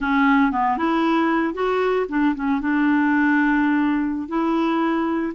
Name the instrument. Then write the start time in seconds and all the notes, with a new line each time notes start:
clarinet
0.00 C#4
0.51 B3
0.77 E4
1.54 F#4
2.08 D4
2.35 C#4
2.60 D4
4.28 E4